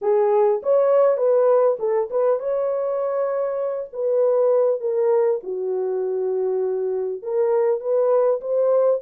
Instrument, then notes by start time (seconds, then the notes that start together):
horn
0.01 G#4
0.62 C#5
1.17 B4
1.79 A4
2.10 B4
2.39 C#5
3.92 B4
4.80 A#4
5.43 F#4
7.22 A#4
7.80 B4
8.40 C5